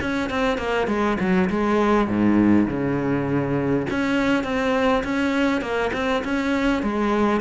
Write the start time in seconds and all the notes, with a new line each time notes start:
0.00 C#4
0.29 C4
0.57 A#3
0.87 G#3
1.20 F#3
1.49 G#3
2.08 G#2
2.67 C#3
3.90 C#4
4.44 C4
5.03 C#4
5.61 A#3
5.93 C4
6.24 C#4
6.82 G#3